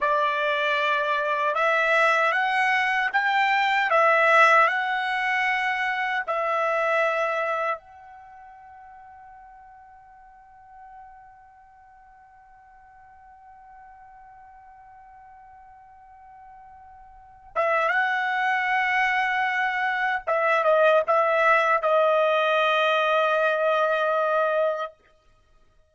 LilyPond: \new Staff \with { instrumentName = "trumpet" } { \time 4/4 \tempo 4 = 77 d''2 e''4 fis''4 | g''4 e''4 fis''2 | e''2 fis''2~ | fis''1~ |
fis''1~ | fis''2~ fis''8 e''8 fis''4~ | fis''2 e''8 dis''8 e''4 | dis''1 | }